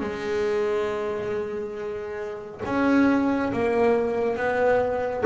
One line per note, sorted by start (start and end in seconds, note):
0.00 2.61 G#3
2.65 3.52 C#4
3.53 4.37 A#3
4.37 5.24 B3